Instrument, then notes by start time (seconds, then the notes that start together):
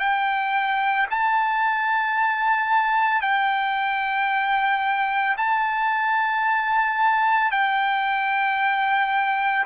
trumpet
0.00 G5
1.11 A5
3.22 G5
5.38 A5
7.51 G5